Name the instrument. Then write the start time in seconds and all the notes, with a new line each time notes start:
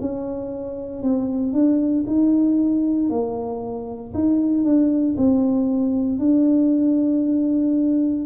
tuba
0.00 C#4
1.03 C4
1.53 D4
2.07 D#4
3.10 A#3
4.14 D#4
4.64 D4
5.17 C4
6.19 D4